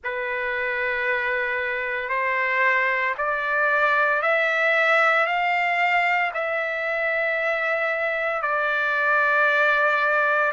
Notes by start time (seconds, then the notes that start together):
0.03 B4
2.09 C5
3.17 D5
4.22 E5
5.26 F5
6.34 E5
8.42 D5